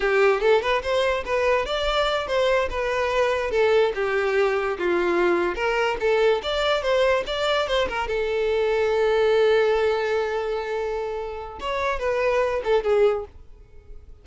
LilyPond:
\new Staff \with { instrumentName = "violin" } { \time 4/4 \tempo 4 = 145 g'4 a'8 b'8 c''4 b'4 | d''4. c''4 b'4.~ | b'8 a'4 g'2 f'8~ | f'4. ais'4 a'4 d''8~ |
d''8 c''4 d''4 c''8 ais'8 a'8~ | a'1~ | a'1 | cis''4 b'4. a'8 gis'4 | }